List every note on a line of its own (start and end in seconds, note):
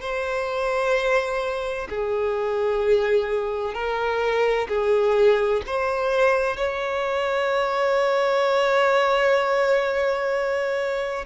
0.00 1.87 C5
1.89 3.73 G#4
3.73 4.67 A#4
4.68 5.62 G#4
5.66 6.56 C5
6.56 11.25 C#5